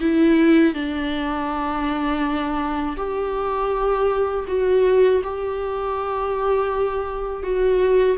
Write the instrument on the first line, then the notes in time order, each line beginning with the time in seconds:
viola
0.00 E4
0.74 D4
2.97 G4
4.47 F#4
5.23 G4
7.43 F#4